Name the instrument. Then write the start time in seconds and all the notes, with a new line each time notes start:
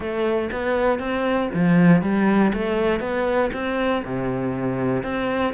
cello
0.00 A3
0.51 B3
0.99 C4
1.54 F3
2.01 G3
2.53 A3
3.00 B3
3.53 C4
4.04 C3
5.03 C4